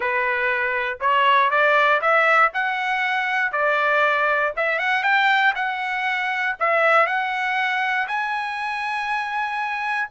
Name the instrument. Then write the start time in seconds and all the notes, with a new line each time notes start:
trumpet
0.00 B4
1.00 C#5
1.50 D5
2.01 E5
2.53 F#5
3.52 D5
4.56 E5
4.78 F#5
5.03 G5
5.55 F#5
6.59 E5
7.06 F#5
8.07 G#5